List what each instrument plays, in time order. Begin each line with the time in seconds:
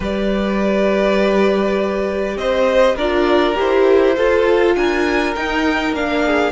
0.00 cello G3, viola G4, violin B4 D5
2.36 cello C4, violin C5 D#5
2.96 cello D4, viola F4, violin A#4 D5
3.55 cello E4, viola G4, violin C5
4.16 cello F4, viola F4, violin A4
4.75 cello D4, violin A#4 G#5
5.35 cello D#4, viola D#4, violin G5
5.92 cello A#3, viola D4, violin F5
6.25 violin G#4